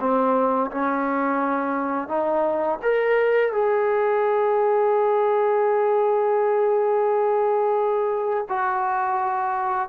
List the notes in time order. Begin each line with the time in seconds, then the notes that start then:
0.00 C4
0.71 C#4
2.08 D#4
2.82 A#4
3.53 G#4
8.49 F#4